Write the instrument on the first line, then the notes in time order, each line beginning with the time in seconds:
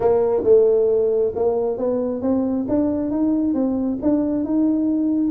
tuba
0.00 A#3
0.43 A3
1.35 A#3
1.77 B3
2.21 C4
2.68 D4
3.11 D#4
3.53 C4
4.02 D4
4.44 D#4